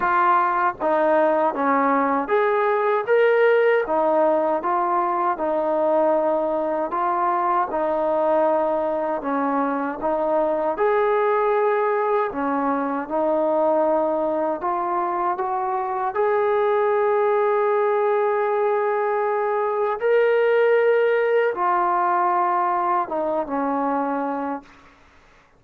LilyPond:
\new Staff \with { instrumentName = "trombone" } { \time 4/4 \tempo 4 = 78 f'4 dis'4 cis'4 gis'4 | ais'4 dis'4 f'4 dis'4~ | dis'4 f'4 dis'2 | cis'4 dis'4 gis'2 |
cis'4 dis'2 f'4 | fis'4 gis'2.~ | gis'2 ais'2 | f'2 dis'8 cis'4. | }